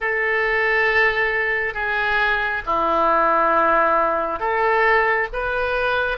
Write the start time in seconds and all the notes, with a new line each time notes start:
0.00 A4
1.74 G#4
2.66 E4
4.39 A4
5.32 B4